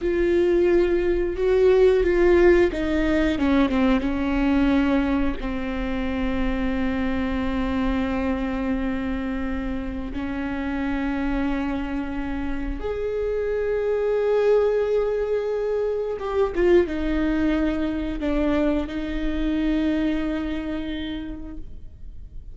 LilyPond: \new Staff \with { instrumentName = "viola" } { \time 4/4 \tempo 4 = 89 f'2 fis'4 f'4 | dis'4 cis'8 c'8 cis'2 | c'1~ | c'2. cis'4~ |
cis'2. gis'4~ | gis'1 | g'8 f'8 dis'2 d'4 | dis'1 | }